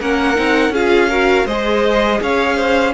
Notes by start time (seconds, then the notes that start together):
0.00 A#3 C#4 A#4 F#5
0.35 C4 D#4
0.70 C#4 F4 G#4 F5
1.10 F#4 A#4
1.46 G#3 G#4 C5 D#5
2.22 C#4 C#5 F5
2.56 C5